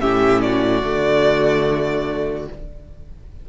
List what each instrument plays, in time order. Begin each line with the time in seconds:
0.00 cello A2, viola C#4, violin G4 E5
0.41 violin F#4 D5
0.83 cello D3, viola A3